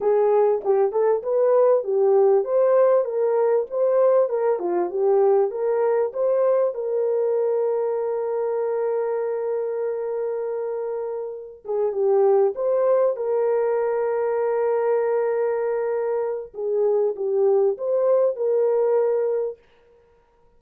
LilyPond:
\new Staff \with { instrumentName = "horn" } { \time 4/4 \tempo 4 = 98 gis'4 g'8 a'8 b'4 g'4 | c''4 ais'4 c''4 ais'8 f'8 | g'4 ais'4 c''4 ais'4~ | ais'1~ |
ais'2. gis'8 g'8~ | g'8 c''4 ais'2~ ais'8~ | ais'2. gis'4 | g'4 c''4 ais'2 | }